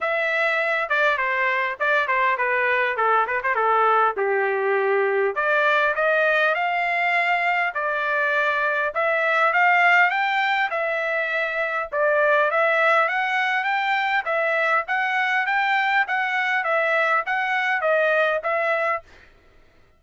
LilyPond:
\new Staff \with { instrumentName = "trumpet" } { \time 4/4 \tempo 4 = 101 e''4. d''8 c''4 d''8 c''8 | b'4 a'8 b'16 c''16 a'4 g'4~ | g'4 d''4 dis''4 f''4~ | f''4 d''2 e''4 |
f''4 g''4 e''2 | d''4 e''4 fis''4 g''4 | e''4 fis''4 g''4 fis''4 | e''4 fis''4 dis''4 e''4 | }